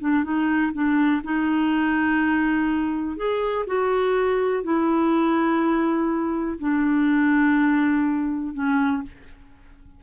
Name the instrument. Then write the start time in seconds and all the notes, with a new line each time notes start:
clarinet
0.00 D4
0.24 D#4
0.73 D4
1.24 D#4
3.17 G#4
3.67 F#4
4.63 E4
6.59 D4
8.54 C#4